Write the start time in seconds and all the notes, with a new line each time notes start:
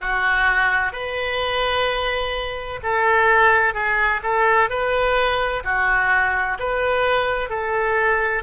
0.01 F#4
0.92 B4
2.82 A4
3.73 G#4
4.22 A4
4.69 B4
5.64 F#4
6.59 B4
7.49 A4